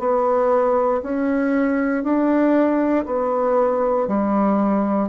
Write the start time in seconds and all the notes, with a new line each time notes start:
0.00 B3
1.04 C#4
2.04 D4
3.06 B3
4.08 G3